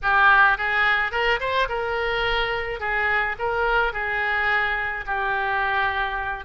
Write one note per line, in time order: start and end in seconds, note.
0.02 0.57 G4
0.57 1.11 G#4
1.11 1.39 A#4
1.40 1.68 C5
1.68 2.80 A#4
2.80 3.36 G#4
3.38 3.92 A#4
3.92 5.04 G#4
5.06 6.44 G4